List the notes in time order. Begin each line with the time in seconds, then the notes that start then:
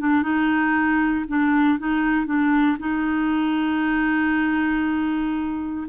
0.00 D4
0.23 D#4
1.28 D4
1.79 D#4
2.27 D4
2.80 D#4